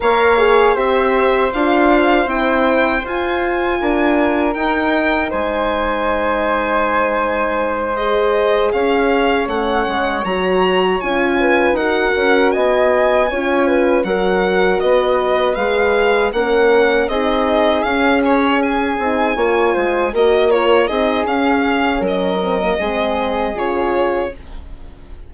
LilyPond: <<
  \new Staff \with { instrumentName = "violin" } { \time 4/4 \tempo 4 = 79 f''4 e''4 f''4 g''4 | gis''2 g''4 gis''4~ | gis''2~ gis''8 dis''4 f''8~ | f''8 fis''4 ais''4 gis''4 fis''8~ |
fis''8 gis''2 fis''4 dis''8~ | dis''8 f''4 fis''4 dis''4 f''8 | cis''8 gis''2 dis''8 cis''8 dis''8 | f''4 dis''2 cis''4 | }
  \new Staff \with { instrumentName = "flute" } { \time 4/4 cis''4 c''2.~ | c''4 ais'2 c''4~ | c''2.~ c''8 cis''8~ | cis''2. b'8 ais'8~ |
ais'8 dis''4 cis''8 b'8 ais'4 b'8~ | b'4. ais'4 gis'4.~ | gis'4. cis''8 c''8 ais'4 gis'8~ | gis'4 ais'4 gis'2 | }
  \new Staff \with { instrumentName = "horn" } { \time 4/4 ais'8 gis'8 g'4 f'4 e'4 | f'2 dis'2~ | dis'2~ dis'8 gis'4.~ | gis'8 cis'4 fis'4 f'4 fis'8~ |
fis'4. f'4 fis'4.~ | fis'8 gis'4 cis'4 dis'4 cis'8~ | cis'4 dis'8 f'4 fis'8 f'8 dis'8 | cis'4. c'16 ais16 c'4 f'4 | }
  \new Staff \with { instrumentName = "bassoon" } { \time 4/4 ais4 c'4 d'4 c'4 | f'4 d'4 dis'4 gis4~ | gis2.~ gis8 cis'8~ | cis'8 a8 gis8 fis4 cis'4 dis'8 |
cis'8 b4 cis'4 fis4 b8~ | b8 gis4 ais4 c'4 cis'8~ | cis'4 c'8 ais8 gis8 ais4 c'8 | cis'4 fis4 gis4 cis4 | }
>>